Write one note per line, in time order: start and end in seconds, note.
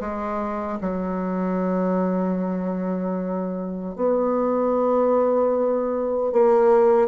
0.00 0.79 G#3
0.80 3.95 F#3
3.95 6.32 B3
6.32 7.08 A#3